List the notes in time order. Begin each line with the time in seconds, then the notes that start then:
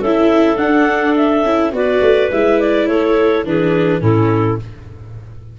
0.00 C#4 E4 A4 E5
0.56 D4 F#5
1.16 E5
1.44 C#4 E4
1.71 B3 F#4 B4 D5
2.01 A3
2.31 G#3 E4 E5
2.59 D5
2.86 A3 A4 C#5
3.44 E3 D4 G#4 B4
4.00 A2 C#4 E4 A4